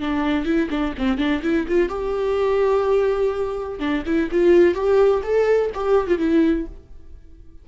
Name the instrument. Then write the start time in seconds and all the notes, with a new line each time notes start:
viola
0.00 D4
0.45 E4
0.70 D4
0.98 C4
1.18 D4
1.43 E4
1.68 F4
1.89 G4
3.79 D4
4.05 E4
4.31 F4
4.74 G4
5.23 A4
5.74 G4
6.08 F4
6.18 E4